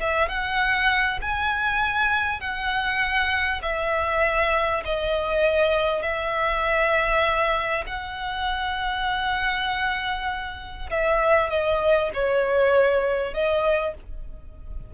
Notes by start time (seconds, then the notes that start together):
0.00 E5
0.29 F#5
1.22 G#5
2.40 F#5
3.63 E5
4.85 D#5
6.02 E5
7.87 F#5
10.90 E5
11.50 D#5
12.14 C#5
13.34 D#5